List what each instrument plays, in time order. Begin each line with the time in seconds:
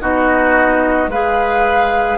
0.00 bassoon B3, clarinet D#4, oboe F#4, flute D#5
1.07 bassoon G#3, clarinet G#4, oboe B4, flute F5